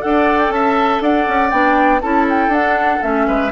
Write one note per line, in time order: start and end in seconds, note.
0.00 0.49 D4
0.00 1.50 A4
0.00 0.38 F#5
0.07 0.53 D5
0.38 0.51 G5
0.49 0.99 C#4
0.49 1.02 E5
0.49 1.01 A5
1.01 1.26 D4
1.01 2.01 D5
1.01 1.50 F#5
1.27 1.52 C#4
1.50 2.02 B3
1.50 2.01 D4
1.50 2.00 G5
2.01 2.47 C#4
2.01 2.52 E4
2.01 3.26 A4
2.01 2.26 A5
2.29 2.53 G5
2.47 2.97 D4
2.47 3.01 D4
2.47 3.02 F#5
3.01 3.28 A3
3.01 3.51 C#4
3.01 3.52 E5
3.27 3.52 G#3
3.27 3.52 B4